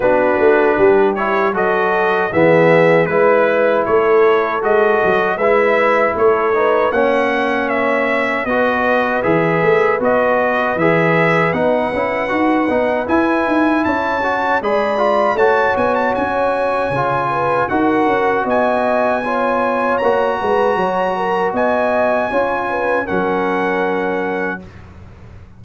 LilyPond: <<
  \new Staff \with { instrumentName = "trumpet" } { \time 4/4 \tempo 4 = 78 b'4. cis''8 dis''4 e''4 | b'4 cis''4 dis''4 e''4 | cis''4 fis''4 e''4 dis''4 | e''4 dis''4 e''4 fis''4~ |
fis''4 gis''4 a''4 b''4 | a''8 gis''16 a''16 gis''2 fis''4 | gis''2 ais''2 | gis''2 fis''2 | }
  \new Staff \with { instrumentName = "horn" } { \time 4/4 fis'4 g'4 a'4 gis'4 | b'4 a'2 b'4 | a'8 b'8 cis''2 b'4~ | b'1~ |
b'2 cis''4 d''4 | cis''2~ cis''8 b'8 ais'4 | dis''4 cis''4. b'8 cis''8 ais'8 | dis''4 cis''8 b'8 ais'2 | }
  \new Staff \with { instrumentName = "trombone" } { \time 4/4 d'4. e'8 fis'4 b4 | e'2 fis'4 e'4~ | e'8 dis'8 cis'2 fis'4 | gis'4 fis'4 gis'4 dis'8 e'8 |
fis'8 dis'8 e'4. fis'8 gis'8 f'8 | fis'2 f'4 fis'4~ | fis'4 f'4 fis'2~ | fis'4 f'4 cis'2 | }
  \new Staff \with { instrumentName = "tuba" } { \time 4/4 b8 a8 g4 fis4 e4 | gis4 a4 gis8 fis8 gis4 | a4 ais2 b4 | e8 a8 b4 e4 b8 cis'8 |
dis'8 b8 e'8 dis'8 cis'4 gis4 | a8 b8 cis'4 cis4 dis'8 cis'8 | b2 ais8 gis8 fis4 | b4 cis'4 fis2 | }
>>